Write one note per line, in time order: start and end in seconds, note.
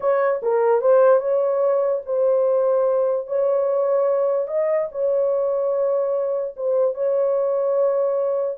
0.00 0.41 C#5
0.42 0.81 A#4
0.81 1.20 C5
1.20 2.01 C#5
2.05 3.27 C5
3.27 4.47 C#5
4.47 4.88 D#5
4.91 6.55 C#5
6.56 6.94 C5
6.94 8.57 C#5